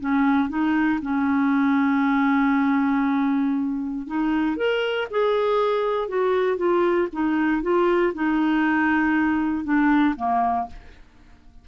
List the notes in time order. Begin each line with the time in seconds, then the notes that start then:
0.00 C#4
0.49 D#4
1.02 C#4
4.07 D#4
4.57 A#4
5.11 G#4
6.09 F#4
6.57 F4
7.13 D#4
7.62 F4
8.14 D#4
9.64 D4
10.16 A#3